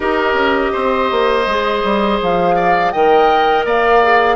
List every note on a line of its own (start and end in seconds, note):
0.00 0.33 D#4
0.00 1.45 G4
0.00 0.72 A#4
0.00 2.20 D#5
0.33 0.70 C#4
0.72 1.11 C4
0.72 2.55 C5
1.11 1.46 A#3
1.46 1.82 G#3
1.46 2.93 G#4
1.83 2.20 G3
2.21 2.94 F3
2.21 2.91 F5
2.55 2.92 D5
2.91 3.64 D#3
2.91 4.03 A#4
2.91 3.65 D#5
2.91 3.64 G5
3.64 4.36 A#3
3.64 4.36 D5
3.64 4.36 F5
4.03 4.36 G#4